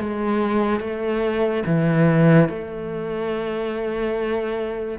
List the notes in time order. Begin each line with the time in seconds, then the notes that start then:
0.00 G#3
0.80 A3
1.66 E3
2.49 A3